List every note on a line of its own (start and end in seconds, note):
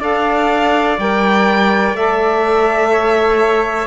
0.00 0.97 D4
0.00 0.98 A4
0.00 2.90 D5
0.00 0.99 F5
0.98 1.94 G3
0.98 1.96 A#4
0.98 1.96 G5
1.94 3.86 A3
1.94 3.86 A4
1.94 3.86 E5
2.92 3.86 C#5